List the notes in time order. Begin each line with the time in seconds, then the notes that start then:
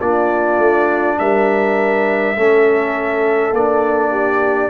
0.00 A#3 D4 F4 D5
0.58 A3
1.19 G3 A#4 E5
2.36 A3 C#4 A4
3.51 A#3 D4 D5
4.11 G4